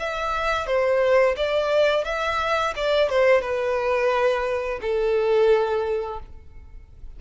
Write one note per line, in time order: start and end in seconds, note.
0.00 0.67 E5
0.67 1.36 C5
1.37 2.05 D5
2.05 2.74 E5
2.76 3.10 D5
3.10 3.42 C5
3.42 4.80 B4
4.82 6.20 A4